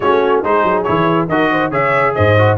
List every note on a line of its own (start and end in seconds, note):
0.00 0.43 A3
0.00 0.43 C#4
0.00 0.43 F#4
0.00 0.41 C#5
0.43 0.63 G#3
0.43 0.85 D#4
0.43 1.28 G#4
0.43 0.83 C5
0.63 0.85 F#3
0.83 1.28 E3
0.83 1.28 E4
0.83 1.26 C#5
1.28 1.71 D#3
1.28 1.71 F#4
1.28 1.49 A#4
1.28 1.72 D#5
1.51 1.71 C5
1.71 2.14 C#3
1.71 2.36 G#4
1.71 2.13 C#5
1.71 2.14 E5
2.14 2.57 G#2
2.14 2.57 C5
2.14 2.57 D#5
2.38 2.57 F#4